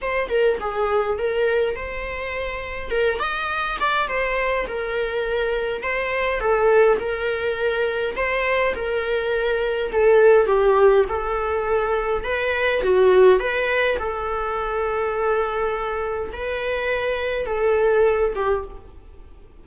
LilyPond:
\new Staff \with { instrumentName = "viola" } { \time 4/4 \tempo 4 = 103 c''8 ais'8 gis'4 ais'4 c''4~ | c''4 ais'8 dis''4 d''8 c''4 | ais'2 c''4 a'4 | ais'2 c''4 ais'4~ |
ais'4 a'4 g'4 a'4~ | a'4 b'4 fis'4 b'4 | a'1 | b'2 a'4. g'8 | }